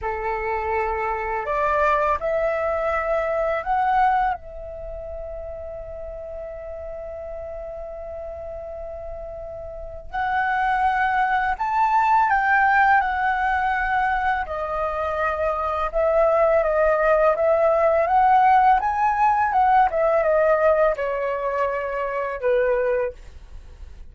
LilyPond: \new Staff \with { instrumentName = "flute" } { \time 4/4 \tempo 4 = 83 a'2 d''4 e''4~ | e''4 fis''4 e''2~ | e''1~ | e''2 fis''2 |
a''4 g''4 fis''2 | dis''2 e''4 dis''4 | e''4 fis''4 gis''4 fis''8 e''8 | dis''4 cis''2 b'4 | }